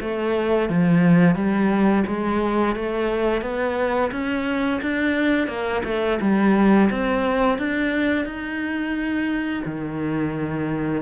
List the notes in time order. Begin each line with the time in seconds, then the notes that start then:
0.00 A3
0.69 F3
1.35 G3
2.06 G#3
2.75 A3
3.41 B3
4.11 C#4
4.82 D4
5.47 A#3
5.84 A3
6.20 G3
6.90 C4
7.58 D4
8.25 D#4
9.65 D#3